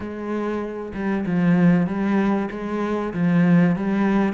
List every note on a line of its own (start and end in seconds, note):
0.00 0.92 G#3
0.94 1.25 G3
1.26 1.86 F3
1.86 2.49 G3
2.50 3.13 G#3
3.13 3.76 F3
3.76 4.33 G3